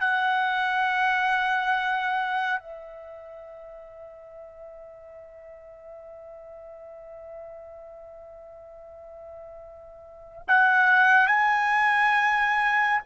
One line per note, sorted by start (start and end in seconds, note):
0.00 2.59 F#5
2.59 10.42 E5
10.48 11.27 F#5
11.27 13.01 G#5